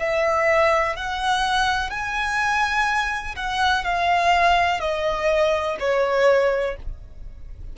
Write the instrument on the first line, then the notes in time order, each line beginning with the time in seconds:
violin
0.00 E5
0.96 F#5
1.90 G#5
3.36 F#5
3.84 F5
4.80 D#5
5.80 C#5